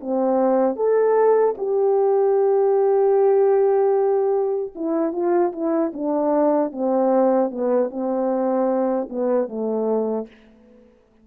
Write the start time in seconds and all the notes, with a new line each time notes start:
0.00 C4
0.76 A4
1.57 G4
4.75 E4
5.12 F4
5.52 E4
5.93 D4
6.72 C4
7.50 B3
7.89 C4
9.09 B3
9.48 A3